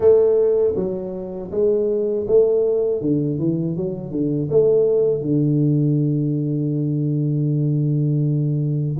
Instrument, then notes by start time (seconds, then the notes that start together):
tuba
0.00 A3
0.75 F#3
1.51 G#3
2.27 A3
3.01 D3
3.39 E3
3.76 F#3
4.11 D3
4.50 A3
5.21 D3